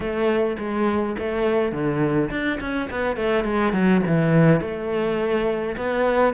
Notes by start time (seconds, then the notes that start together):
0.00 A3
0.58 G#3
1.18 A3
1.72 D3
2.30 D4
2.60 C#4
2.90 B3
3.16 A3
3.44 G#3
3.73 F#3
4.06 E3
4.60 A3
5.76 B3